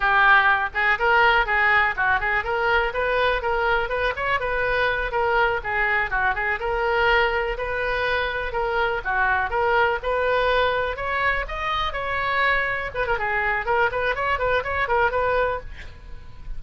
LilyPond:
\new Staff \with { instrumentName = "oboe" } { \time 4/4 \tempo 4 = 123 g'4. gis'8 ais'4 gis'4 | fis'8 gis'8 ais'4 b'4 ais'4 | b'8 cis''8 b'4. ais'4 gis'8~ | gis'8 fis'8 gis'8 ais'2 b'8~ |
b'4. ais'4 fis'4 ais'8~ | ais'8 b'2 cis''4 dis''8~ | dis''8 cis''2 b'16 ais'16 gis'4 | ais'8 b'8 cis''8 b'8 cis''8 ais'8 b'4 | }